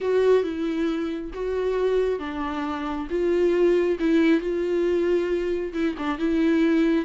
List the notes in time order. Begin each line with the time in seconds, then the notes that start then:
0.00 F#4
0.43 E4
1.33 F#4
2.19 D4
3.09 F4
3.99 E4
4.40 F4
5.73 E4
5.98 D4
6.18 E4